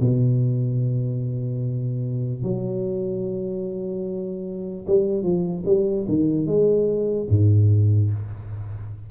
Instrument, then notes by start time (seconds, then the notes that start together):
tuba
0.00 B2
2.43 F#3
4.86 G3
5.23 F3
5.65 G3
6.08 D#3
6.46 G#3
7.29 G#2